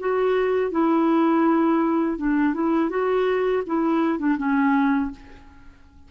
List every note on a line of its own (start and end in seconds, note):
0.00 0.72 F#4
0.72 2.18 E4
2.18 2.54 D4
2.54 2.90 E4
2.90 3.63 F#4
3.67 4.19 E4
4.19 4.37 D4
4.38 5.11 C#4